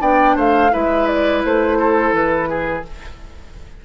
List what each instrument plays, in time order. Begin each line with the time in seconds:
0.00 bassoon B3, clarinet D4, oboe D5, flute G5
0.36 bassoon A3, oboe C5, flute F5
0.70 bassoon G#3, clarinet E4, oboe B4, flute E5
1.07 flute D5
1.44 bassoon A3, flute C5
1.78 oboe A4
2.12 bassoon E3, flute B4
2.49 oboe G#4